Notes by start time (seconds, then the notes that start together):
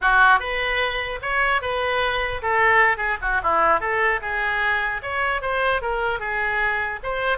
0.01 F#4
0.39 B4
1.22 C#5
1.61 B4
2.41 A4
2.97 G#4
3.21 F#4
3.43 E4
3.80 A4
4.21 G#4
5.02 C#5
5.41 C5
5.81 A#4
6.19 G#4
7.03 C5